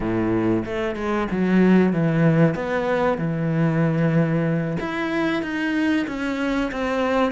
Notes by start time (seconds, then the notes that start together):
0.00 A2
0.65 A3
0.95 G#3
1.31 F#3
1.93 E3
2.54 B3
3.17 E3
4.80 E4
5.42 D#4
6.07 C#4
6.71 C4